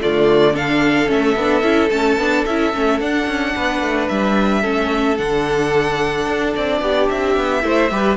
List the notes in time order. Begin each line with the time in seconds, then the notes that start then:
0.00 D3 A3 F4 D5
0.53 D4 A4 F5
1.06 A3 C#4 E5
1.35 B3 D4
1.62 C#4 E4
1.90 A3 C#4 A5
2.17 B3 D4
2.45 C#4 E4 E5
2.73 A3 C#4
2.99 D4 F#5
3.27 C#4
3.55 B3 B4
3.81 A3
4.08 G3 E5
4.61 A3 C#4 A4
5.17 D3 D4 F#5
6.26 D4
6.55 C4 D5
6.81 B3 G4
7.09 C4 E5
7.36 B3
7.62 A3 E4 C5
7.90 G3 G4 B4